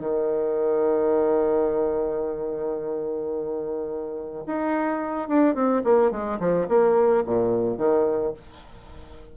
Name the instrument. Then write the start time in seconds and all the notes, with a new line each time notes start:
bassoon
0.00 D#3
4.46 D#4
5.28 D4
5.55 C4
5.84 A#3
6.11 G#3
6.39 F3
6.68 A#3
7.26 A#2
7.78 D#3